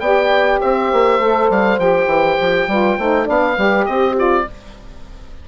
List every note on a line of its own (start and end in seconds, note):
0.00 0.59 B3
0.00 1.21 G4
0.00 0.61 D5
0.00 0.60 G5
0.61 0.93 C4
0.61 2.69 C5
0.61 1.51 E5
0.93 1.20 A#3
1.20 1.49 A3
1.20 1.79 A4
1.50 1.79 G3
1.50 1.80 F5
1.79 2.06 F3
1.79 2.69 G4
1.79 3.28 G5
2.06 2.36 E3
2.41 2.68 F3
2.68 2.98 G3
2.68 3.00 F4
2.68 2.99 B4
2.99 3.28 A3
2.99 3.26 D#4
2.99 3.26 C5
3.26 3.58 B3
3.26 3.56 D4
3.26 3.56 D5
3.26 3.86 F5
3.57 3.87 G3
3.57 4.16 G4
3.57 3.87 B4
3.86 4.47 C4
3.86 4.46 G4
3.86 4.15 D#5
4.16 4.46 F4
4.16 4.49 D5